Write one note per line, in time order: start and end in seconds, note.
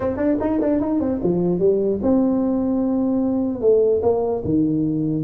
0.00 0.16 C4
0.16 0.36 D4
0.40 0.60 D#4
0.61 0.80 D4
0.80 1.00 D#4
1.00 1.20 C4
1.23 1.59 F3
1.59 1.99 G3
2.02 3.61 C4
3.61 4.01 A3
4.02 4.42 A#3
4.44 5.23 D#3